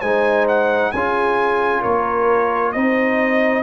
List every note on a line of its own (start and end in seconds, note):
0.00 0.92 G#3
0.00 0.94 D#4
0.00 0.91 C5
0.00 0.46 G#5
0.48 0.91 F#5
0.91 1.84 C#4
0.91 2.75 F4
0.91 1.80 G#4
0.91 1.82 G#5
1.80 2.75 A#3
1.80 2.71 A#4
1.80 2.72 C#5
2.72 3.62 C4
2.72 3.62 D#4
2.72 3.62 C5
2.72 3.62 D#5